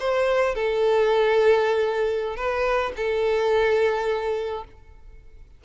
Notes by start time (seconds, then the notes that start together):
0.00 C5
0.55 A4
2.37 B4
2.97 A4